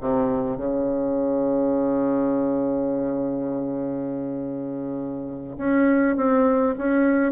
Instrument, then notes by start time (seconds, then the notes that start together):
bassoon
0.00 C3
0.56 C#3
5.57 C#4
6.16 C4
6.78 C#4